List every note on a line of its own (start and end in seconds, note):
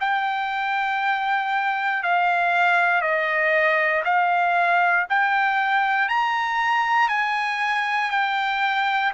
0.00 2.03 G5
2.03 3.01 F5
3.01 4.03 D#5
4.04 5.06 F5
5.09 6.09 G5
6.09 7.09 A#5
7.09 8.10 G#5
8.10 9.12 G5